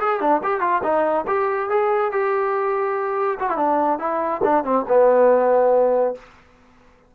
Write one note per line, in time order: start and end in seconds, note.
0.00 0.20 G#4
0.20 0.41 D4
0.43 0.60 G4
0.60 0.81 F4
0.83 1.25 D#4
1.27 1.70 G4
1.70 2.12 G#4
2.12 3.38 G4
3.40 3.50 F#4
3.50 3.57 E4
3.57 3.99 D4
3.99 4.41 E4
4.44 4.64 D4
4.64 4.85 C4
4.88 6.15 B3